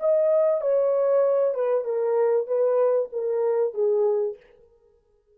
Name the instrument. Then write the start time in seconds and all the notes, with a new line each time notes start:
horn
0.00 D#5
0.61 C#5
1.54 B4
1.85 A#4
2.47 B4
3.12 A#4
3.74 G#4